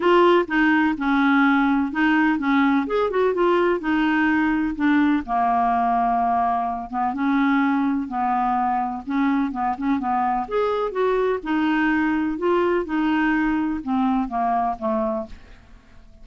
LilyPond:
\new Staff \with { instrumentName = "clarinet" } { \time 4/4 \tempo 4 = 126 f'4 dis'4 cis'2 | dis'4 cis'4 gis'8 fis'8 f'4 | dis'2 d'4 ais4~ | ais2~ ais8 b8 cis'4~ |
cis'4 b2 cis'4 | b8 cis'8 b4 gis'4 fis'4 | dis'2 f'4 dis'4~ | dis'4 c'4 ais4 a4 | }